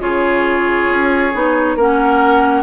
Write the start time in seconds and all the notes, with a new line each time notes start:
0.00 C#3 F4 G#4 C#5
0.90 C#4
1.34 B3 D#4
1.76 A#3 C#4 A#4 F#5